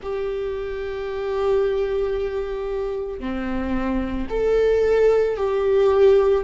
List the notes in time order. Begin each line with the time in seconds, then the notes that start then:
0.02 G4
3.19 C4
4.29 A4
5.36 G4